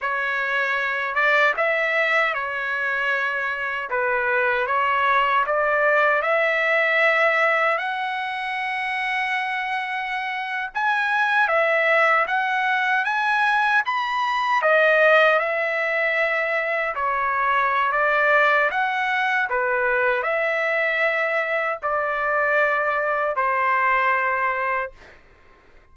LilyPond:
\new Staff \with { instrumentName = "trumpet" } { \time 4/4 \tempo 4 = 77 cis''4. d''8 e''4 cis''4~ | cis''4 b'4 cis''4 d''4 | e''2 fis''2~ | fis''4.~ fis''16 gis''4 e''4 fis''16~ |
fis''8. gis''4 b''4 dis''4 e''16~ | e''4.~ e''16 cis''4~ cis''16 d''4 | fis''4 b'4 e''2 | d''2 c''2 | }